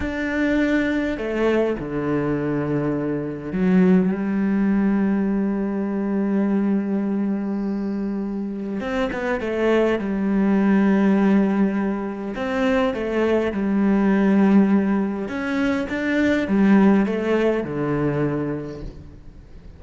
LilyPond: \new Staff \with { instrumentName = "cello" } { \time 4/4 \tempo 4 = 102 d'2 a4 d4~ | d2 fis4 g4~ | g1~ | g2. c'8 b8 |
a4 g2.~ | g4 c'4 a4 g4~ | g2 cis'4 d'4 | g4 a4 d2 | }